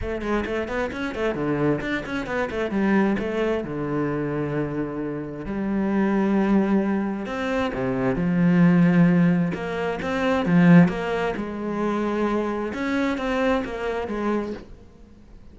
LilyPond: \new Staff \with { instrumentName = "cello" } { \time 4/4 \tempo 4 = 132 a8 gis8 a8 b8 cis'8 a8 d4 | d'8 cis'8 b8 a8 g4 a4 | d1 | g1 |
c'4 c4 f2~ | f4 ais4 c'4 f4 | ais4 gis2. | cis'4 c'4 ais4 gis4 | }